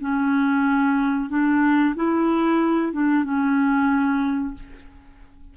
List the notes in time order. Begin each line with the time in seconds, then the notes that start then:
0.00 C#4
1.29 D4
1.95 E4
2.93 D4
3.23 C#4